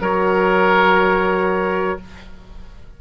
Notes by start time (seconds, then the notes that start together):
0.00 F#3 F#4 A#4 C#5